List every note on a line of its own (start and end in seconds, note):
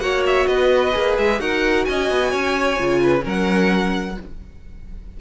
0.00 0.46 A#3
0.00 0.93 F#4
0.00 0.48 C#5
0.00 0.23 F#5
0.27 0.47 E5
0.47 0.94 B3
0.47 1.40 B4
0.47 1.16 D#5
0.93 1.18 A#3
0.93 1.39 G#4
1.18 1.40 G#3
1.18 1.41 E5
1.39 1.86 D#4
1.39 2.77 F#4
1.39 1.87 A#4
1.39 1.85 F#5
1.85 2.11 C#4
1.85 2.31 D#5
1.85 3.23 G#5
2.11 2.33 B3
2.31 2.79 C#4
2.31 3.00 C#5
2.79 3.25 C#3
2.79 3.21 F4
3.03 3.25 B4
3.21 4.18 F#3
3.21 4.13 C#4
3.21 4.17 A#4
3.29 4.21 F#5